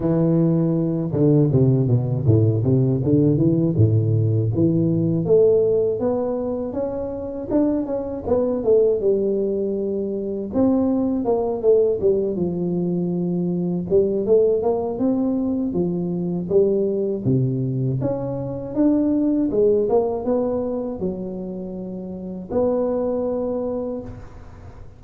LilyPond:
\new Staff \with { instrumentName = "tuba" } { \time 4/4 \tempo 4 = 80 e4. d8 c8 b,8 a,8 c8 | d8 e8 a,4 e4 a4 | b4 cis'4 d'8 cis'8 b8 a8 | g2 c'4 ais8 a8 |
g8 f2 g8 a8 ais8 | c'4 f4 g4 c4 | cis'4 d'4 gis8 ais8 b4 | fis2 b2 | }